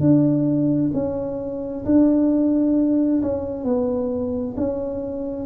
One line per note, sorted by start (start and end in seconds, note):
0.00 0.91 D4
0.93 1.84 C#4
1.85 3.21 D4
3.22 3.64 C#4
3.64 4.55 B3
4.56 5.46 C#4